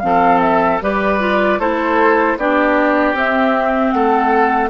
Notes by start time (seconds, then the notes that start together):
0.00 F3 C4 A4 F5
0.40 E5
0.81 G3 G4 B4 D5
1.20 F4
1.59 A3 E4 A4 C5
2.37 B3 D4 G4 D5
3.13 C4 E5
3.91 A3 A4 F#5